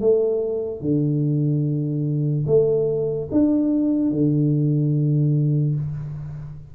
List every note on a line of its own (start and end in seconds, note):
0.00 0.81 A3
0.81 2.45 D3
2.47 3.29 A3
3.31 4.11 D4
4.11 5.75 D3